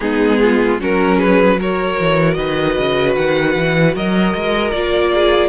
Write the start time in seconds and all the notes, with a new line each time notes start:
0.00 G#3 B3 D#4 G#4
0.41 F4
0.79 F#3 C#4 F#4 A#4
1.16 G#4 B4
1.58 F#4 A#4 C#5
1.99 E3
2.34 D#3 B4 D#5
2.78 C#3
3.16 D#3 F#5
3.55 E3
3.94 F#3 A#4 D#5
4.34 G#3
4.70 A#3 F4 D5
5.13 G#4